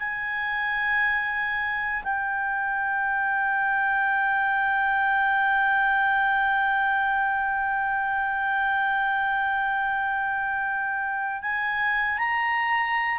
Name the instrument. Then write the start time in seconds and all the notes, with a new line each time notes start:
clarinet
0.00 G#5
2.04 G5
11.42 G#5
12.18 A#5